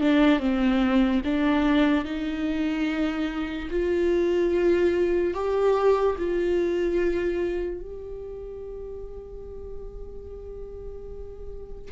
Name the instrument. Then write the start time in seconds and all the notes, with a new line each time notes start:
viola
0.00 D4
0.39 C4
1.24 D4
2.04 D#4
3.70 F4
5.33 G4
6.18 F4
7.80 G4